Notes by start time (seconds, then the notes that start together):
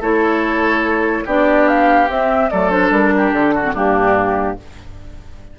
0.00 A3 E4 A4 C#5
1.26 B3 D4 G4 D5
1.68 F5
2.09 C4 E5
2.50 F#3 A3 A4 D5
2.70 D4 C5
2.91 G3 A#4
3.17 G4
3.32 D3 A4
3.55 F#4
3.63 C4
3.74 G2 A#3 D4 G4